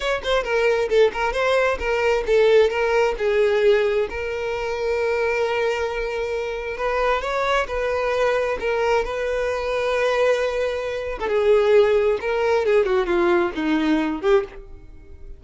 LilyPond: \new Staff \with { instrumentName = "violin" } { \time 4/4 \tempo 4 = 133 cis''8 c''8 ais'4 a'8 ais'8 c''4 | ais'4 a'4 ais'4 gis'4~ | gis'4 ais'2.~ | ais'2. b'4 |
cis''4 b'2 ais'4 | b'1~ | b'8. a'16 gis'2 ais'4 | gis'8 fis'8 f'4 dis'4. g'8 | }